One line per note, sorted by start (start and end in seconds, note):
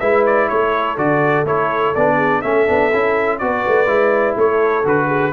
0.00 0.50 G#3
0.00 0.98 E4
0.00 0.48 B4
0.00 0.24 E5
0.26 0.49 D5
0.49 0.98 A3
0.49 2.16 A4
0.49 0.97 C#5
0.98 1.44 D3
0.98 1.46 F#4
0.98 1.46 D5
1.44 1.93 A3
1.44 1.95 E4
1.44 1.95 C#5
1.95 2.43 B3
1.95 2.43 D4
1.95 2.42 D5
2.16 2.40 G#4
2.42 2.68 A3
2.42 2.67 C#4
2.42 3.40 A4
2.42 3.39 E5
2.67 2.93 B3
2.67 2.91 D4
2.93 3.42 C#4
2.93 3.41 E4
3.39 3.66 B3
3.39 3.87 F#4
3.39 4.38 B4
3.39 4.36 D5
3.68 3.87 A3
3.87 4.35 G#3
3.87 4.84 E4
4.37 4.85 A3
4.37 5.07 A4
4.37 4.87 C#5
4.85 5.33 D3
4.85 5.33 F#4
4.85 5.33 B4
5.07 5.31 G#4